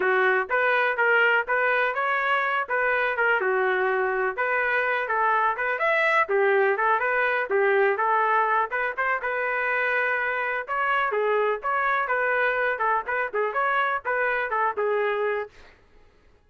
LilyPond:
\new Staff \with { instrumentName = "trumpet" } { \time 4/4 \tempo 4 = 124 fis'4 b'4 ais'4 b'4 | cis''4. b'4 ais'8 fis'4~ | fis'4 b'4. a'4 b'8 | e''4 g'4 a'8 b'4 g'8~ |
g'8 a'4. b'8 c''8 b'4~ | b'2 cis''4 gis'4 | cis''4 b'4. a'8 b'8 gis'8 | cis''4 b'4 a'8 gis'4. | }